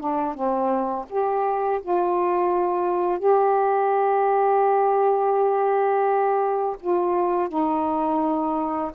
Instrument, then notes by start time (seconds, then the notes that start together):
saxophone
0.00 D4
0.34 C4
1.09 G4
1.82 F4
3.19 G4
6.81 F4
7.49 D#4